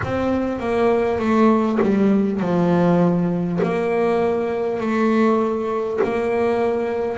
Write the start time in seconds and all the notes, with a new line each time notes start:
0.03 C4
0.59 A#3
1.18 A3
1.82 G3
2.39 F3
3.62 A#3
4.80 A3
6.03 A#3